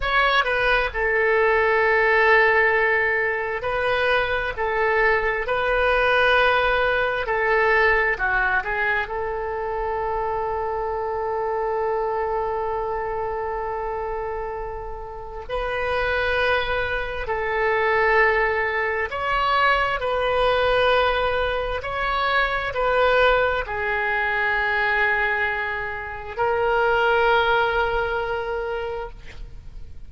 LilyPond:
\new Staff \with { instrumentName = "oboe" } { \time 4/4 \tempo 4 = 66 cis''8 b'8 a'2. | b'4 a'4 b'2 | a'4 fis'8 gis'8 a'2~ | a'1~ |
a'4 b'2 a'4~ | a'4 cis''4 b'2 | cis''4 b'4 gis'2~ | gis'4 ais'2. | }